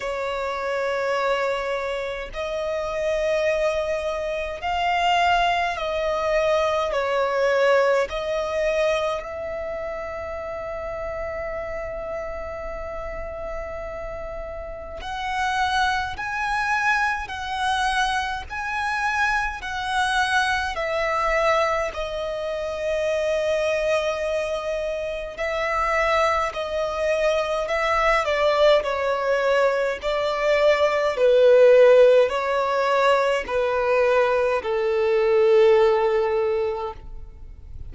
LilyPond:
\new Staff \with { instrumentName = "violin" } { \time 4/4 \tempo 4 = 52 cis''2 dis''2 | f''4 dis''4 cis''4 dis''4 | e''1~ | e''4 fis''4 gis''4 fis''4 |
gis''4 fis''4 e''4 dis''4~ | dis''2 e''4 dis''4 | e''8 d''8 cis''4 d''4 b'4 | cis''4 b'4 a'2 | }